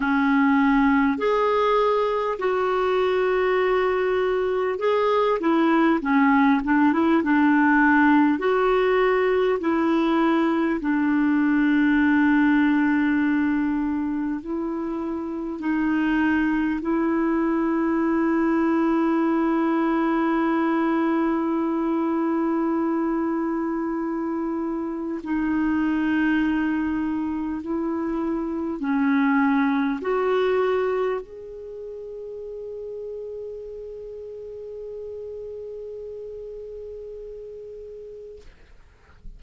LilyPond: \new Staff \with { instrumentName = "clarinet" } { \time 4/4 \tempo 4 = 50 cis'4 gis'4 fis'2 | gis'8 e'8 cis'8 d'16 e'16 d'4 fis'4 | e'4 d'2. | e'4 dis'4 e'2~ |
e'1~ | e'4 dis'2 e'4 | cis'4 fis'4 gis'2~ | gis'1 | }